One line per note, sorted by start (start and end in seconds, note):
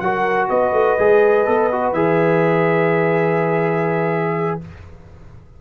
0.00 0.49 F#3
0.00 0.99 F#4
0.00 0.50 A#4
0.00 0.48 F#5
0.49 0.73 B3
0.49 4.61 B4
0.49 1.93 D#5
0.73 0.97 A3
0.99 1.47 G#3
0.99 1.46 G#4
1.46 1.93 B3
1.46 1.70 A4
1.72 1.95 F#4
1.93 4.59 E3
1.93 4.61 G#4
1.93 4.59 E5